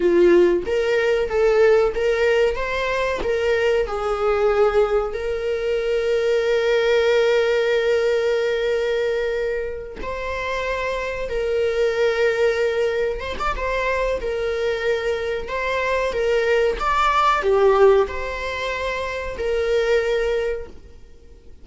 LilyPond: \new Staff \with { instrumentName = "viola" } { \time 4/4 \tempo 4 = 93 f'4 ais'4 a'4 ais'4 | c''4 ais'4 gis'2 | ais'1~ | ais'2.~ ais'8 c''8~ |
c''4. ais'2~ ais'8~ | ais'8 c''16 d''16 c''4 ais'2 | c''4 ais'4 d''4 g'4 | c''2 ais'2 | }